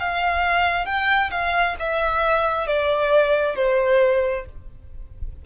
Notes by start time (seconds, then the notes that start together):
0.00 F5
0.86 G5
1.31 F5
1.80 E5
2.67 D5
3.56 C5